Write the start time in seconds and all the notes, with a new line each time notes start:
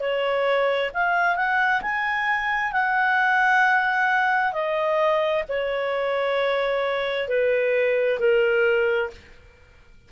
0.00 C#5
0.94 F5
1.36 F#5
1.82 G#5
2.72 F#5
4.53 D#5
5.49 C#5
7.29 B4
8.20 A#4